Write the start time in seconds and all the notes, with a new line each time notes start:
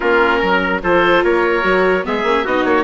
0.00 A#3 C#4 F4 A#4
0.39 F#3 A#4
0.83 F3 F4 A4 C5
1.23 A#3 A#4 C#5
1.62 F#3 F#4
2.03 G#3 B3 G#4 E5
2.23 A#3 C#4
2.44 B3 D#4 F#4 D#5
2.64 A#3 C#5